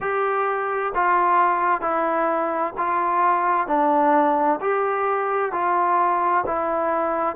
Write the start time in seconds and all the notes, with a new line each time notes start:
0.00 G4
0.94 F4
1.81 E4
2.77 F4
3.67 D4
4.60 G4
5.51 F4
6.46 E4